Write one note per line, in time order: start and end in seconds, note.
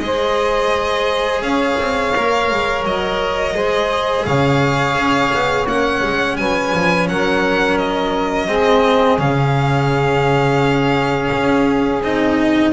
0.00 1.41 G#3
0.00 2.14 G#4
0.00 1.45 C5
0.00 1.41 D#5
1.41 1.76 C#4
1.41 3.55 C#5
1.41 2.84 F5
1.80 2.15 C4
2.16 2.51 A#3
2.16 3.55 A#4
2.51 2.85 G#3
2.85 3.55 F#3
2.85 4.26 D#5
3.55 4.26 G#3
3.55 5.67 G#4
3.55 4.26 C5
4.26 4.96 C#3
4.26 6.38 C#5
4.26 5.67 F5
4.96 5.32 C#4
5.33 5.66 B3
5.66 6.02 A#3
5.66 8.48 C#4
5.66 6.37 F#5
6.04 6.39 G#3
6.37 6.74 F#3
6.37 7.10 B4
6.37 7.07 G#5
6.75 7.09 F3
7.09 8.49 F#3
7.09 8.47 A#4
7.09 7.78 F#5
7.78 9.19 D#5
8.47 9.19 G#3
8.47 9.19 C4
8.47 12.71 G#4
9.19 11.31 C#3
9.19 12.01 C#4
9.19 12.02 F5
11.34 12.03 C#4
12.03 12.73 C4
12.03 12.73 D#4
12.03 12.73 D#5